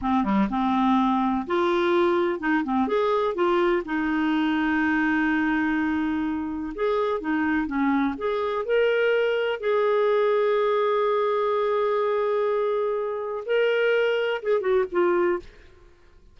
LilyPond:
\new Staff \with { instrumentName = "clarinet" } { \time 4/4 \tempo 4 = 125 c'8 g8 c'2 f'4~ | f'4 dis'8 c'8 gis'4 f'4 | dis'1~ | dis'2 gis'4 dis'4 |
cis'4 gis'4 ais'2 | gis'1~ | gis'1 | ais'2 gis'8 fis'8 f'4 | }